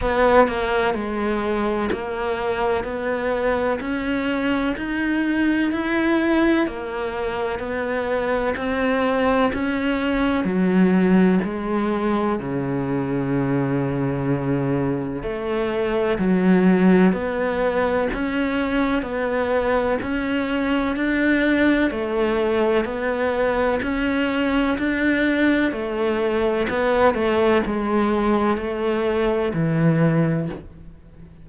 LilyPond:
\new Staff \with { instrumentName = "cello" } { \time 4/4 \tempo 4 = 63 b8 ais8 gis4 ais4 b4 | cis'4 dis'4 e'4 ais4 | b4 c'4 cis'4 fis4 | gis4 cis2. |
a4 fis4 b4 cis'4 | b4 cis'4 d'4 a4 | b4 cis'4 d'4 a4 | b8 a8 gis4 a4 e4 | }